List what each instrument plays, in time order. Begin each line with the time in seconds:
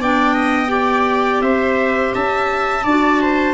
0.00 tuba B3, clarinet D4, viola D5, trumpet G5
0.34 viola D#5
0.68 clarinet G4, viola D5
1.41 tuba C4, viola C5, trumpet E5
2.15 tuba C#4, viola E5, trumpet A5
2.84 tuba D4, clarinet F#4, viola D5
3.22 viola C5